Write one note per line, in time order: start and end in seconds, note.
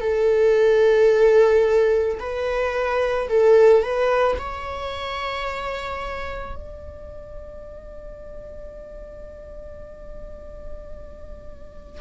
0.00 2.18 A4
2.20 3.29 B4
3.29 3.83 A4
3.83 4.38 B4
4.39 6.56 C#5
6.56 12.01 D5